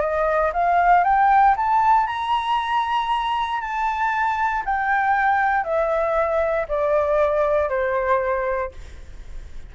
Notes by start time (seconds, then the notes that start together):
0.00 D#5
0.53 F5
1.04 G5
1.56 A5
2.07 A#5
3.60 A5
4.65 G5
5.64 E5
6.68 D5
7.69 C5